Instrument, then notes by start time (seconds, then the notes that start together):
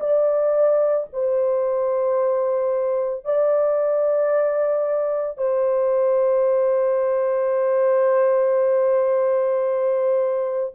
horn
0.00 D5
1.13 C5
3.25 D5
5.38 C5